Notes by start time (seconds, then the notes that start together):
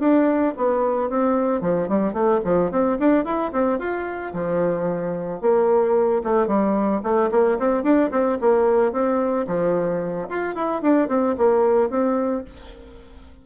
0.00 D4
0.57 B3
1.10 C4
1.62 F3
1.89 G3
2.14 A3
2.44 F3
2.71 C4
3.00 D4
3.25 E4
3.53 C4
3.79 F4
4.34 F3
5.42 A#3
6.24 A3
6.48 G3
7.03 A3
7.32 A#3
7.59 C4
7.84 D4
8.12 C4
8.41 A#3
8.93 C4
9.47 F3
10.29 F4
10.56 E4
10.82 D4
11.09 C4
11.38 A#3
11.90 C4